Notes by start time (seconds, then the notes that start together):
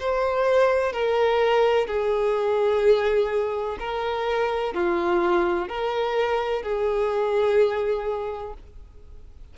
0.00 C5
0.93 A#4
1.87 G#4
3.79 A#4
4.74 F4
5.69 A#4
6.63 G#4